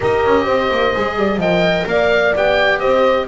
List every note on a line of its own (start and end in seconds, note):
0.00 0.25 D#4
0.00 0.94 G4
0.00 0.45 A#4
0.00 1.40 D#5
0.25 0.46 C#4
0.45 0.70 C4
0.45 1.15 C5
0.71 0.94 A#3
0.94 1.15 G#3
0.94 1.40 G#4
1.15 1.37 G3
1.15 1.39 D5
1.37 1.84 F3
1.37 2.35 A#4
1.37 1.86 D#5
1.37 1.87 G5
1.86 2.33 A#3
1.86 2.80 D5
1.86 2.35 F5
2.35 2.82 B3
2.35 3.28 G4
2.35 2.79 G5
2.79 3.28 C4
2.79 3.27 C5
2.79 3.26 D#5